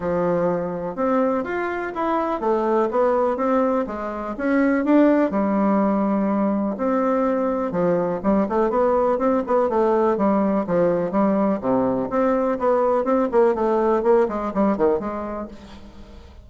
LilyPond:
\new Staff \with { instrumentName = "bassoon" } { \time 4/4 \tempo 4 = 124 f2 c'4 f'4 | e'4 a4 b4 c'4 | gis4 cis'4 d'4 g4~ | g2 c'2 |
f4 g8 a8 b4 c'8 b8 | a4 g4 f4 g4 | c4 c'4 b4 c'8 ais8 | a4 ais8 gis8 g8 dis8 gis4 | }